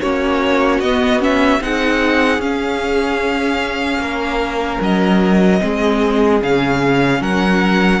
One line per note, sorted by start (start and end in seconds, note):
0.00 0.79 A#3
0.00 0.82 C#4
0.00 1.62 F#4
0.00 0.80 C#5
0.79 1.59 B3
0.79 1.19 B3
0.79 1.20 D#5
1.19 1.59 C#4
1.19 1.62 E5
1.60 2.38 C4
1.60 2.40 D#4
1.60 4.02 G#4
1.60 2.41 F#5
2.38 3.98 C#4
2.38 5.59 C#4
2.38 4.81 F5
3.98 4.78 A#3
3.98 5.62 A#4
4.80 5.60 F#3
4.80 6.42 D#5
5.59 6.42 G#3
5.59 6.39 C4
5.59 7.21 G#4
6.42 7.20 C#3
6.42 8.00 C#4
6.42 7.22 F5
7.20 8.00 F#3
7.20 8.00 A#4
7.20 8.00 F#5